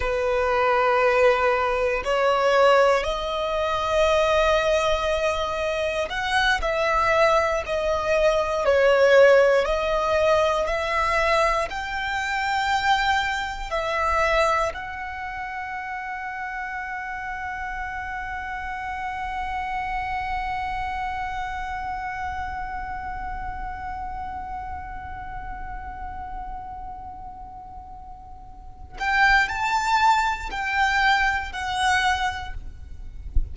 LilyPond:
\new Staff \with { instrumentName = "violin" } { \time 4/4 \tempo 4 = 59 b'2 cis''4 dis''4~ | dis''2 fis''8 e''4 dis''8~ | dis''8 cis''4 dis''4 e''4 g''8~ | g''4. e''4 fis''4.~ |
fis''1~ | fis''1~ | fis''1~ | fis''8 g''8 a''4 g''4 fis''4 | }